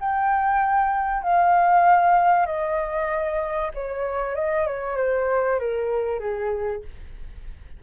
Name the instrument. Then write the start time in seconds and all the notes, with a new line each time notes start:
flute
0.00 G5
1.23 F5
2.46 D#5
3.74 C#5
4.35 D#5
4.66 C#5
4.97 C5
5.59 A#4
6.20 G#4